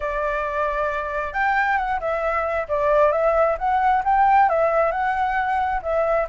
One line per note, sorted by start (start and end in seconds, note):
0.00 1.33 D5
1.33 1.77 G5
1.77 1.99 F#5
2.00 2.67 E5
2.68 3.12 D5
3.12 3.57 E5
3.58 4.03 F#5
4.04 4.49 G5
4.49 4.91 E5
4.91 5.81 F#5
5.82 6.27 E5